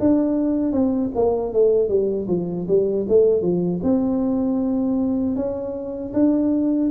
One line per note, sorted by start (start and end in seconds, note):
0.00 0.73 D4
0.73 1.11 C4
1.16 1.53 A#3
1.53 1.89 A3
1.89 2.27 G3
2.28 2.67 F3
2.68 3.07 G3
3.09 3.42 A3
3.42 3.81 F3
3.83 5.36 C4
5.36 6.13 C#4
6.14 6.91 D4